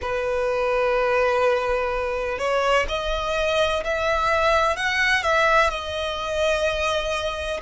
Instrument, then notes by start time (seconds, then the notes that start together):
violin
0.01 B4
2.38 C#5
2.88 D#5
3.84 E5
4.76 F#5
5.23 E5
5.69 D#5